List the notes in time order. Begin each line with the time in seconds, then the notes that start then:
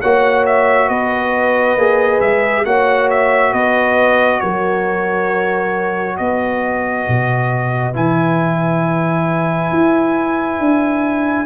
0.00 A#3 F#4 C#5 F#5
0.46 E5
0.88 B3 B4 D#5
1.76 A#3 G#4
2.20 G#3 E5
2.65 A#3 F#4 C#5 F#5
3.10 E5
3.51 B3 B4 D#5
4.40 F#3 A#4 C#5
6.17 B3 B4 D#5
7.08 B2
7.93 E3 E4 G#5
9.72 E4
10.59 D4